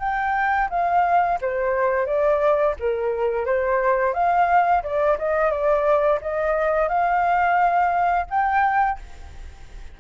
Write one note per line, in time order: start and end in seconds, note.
0.00 0.69 G5
0.70 1.39 F5
1.42 2.06 C5
2.06 2.75 D5
2.80 3.46 A#4
3.46 4.14 C5
4.14 4.83 F5
4.84 5.18 D5
5.19 5.51 D#5
5.51 6.20 D5
6.22 6.89 D#5
6.89 8.27 F5
8.30 8.99 G5